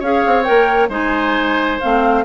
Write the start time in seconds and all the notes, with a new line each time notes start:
0.00 C#4 G#4 C#5 F5
0.27 C4
0.43 A#4 G5
0.50 A#3
0.89 G#3 D#4 C5 G#5
1.80 A3 C4 F5